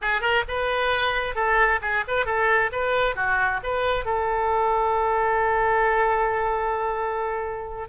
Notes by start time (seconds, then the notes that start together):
0.01 G#4
0.21 A#4
0.48 B4
1.35 A4
1.81 G#4
2.07 B4
2.25 A4
2.72 B4
3.15 F#4
3.63 B4
4.05 A4